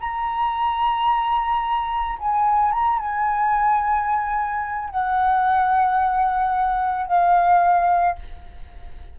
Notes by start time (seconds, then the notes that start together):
0.00 A#5
2.19 G#5
2.72 A#5
2.99 G#5
4.90 F#5
7.07 F5